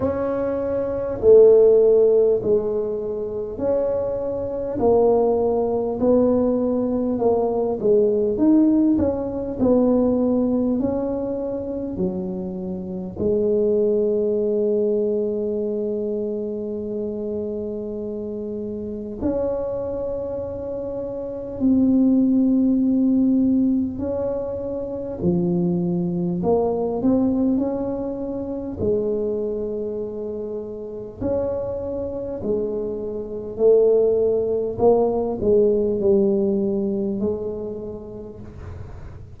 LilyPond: \new Staff \with { instrumentName = "tuba" } { \time 4/4 \tempo 4 = 50 cis'4 a4 gis4 cis'4 | ais4 b4 ais8 gis8 dis'8 cis'8 | b4 cis'4 fis4 gis4~ | gis1 |
cis'2 c'2 | cis'4 f4 ais8 c'8 cis'4 | gis2 cis'4 gis4 | a4 ais8 gis8 g4 gis4 | }